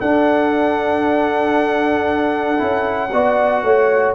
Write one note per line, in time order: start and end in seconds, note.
0.00 2.60 D4
0.00 2.57 D4
0.00 3.10 A4
0.00 4.14 F#5
2.57 3.13 C#4
2.57 3.09 E4
3.13 3.63 B3
3.13 4.15 F#4
3.13 3.64 D5
3.63 4.15 A3
3.63 4.15 C#5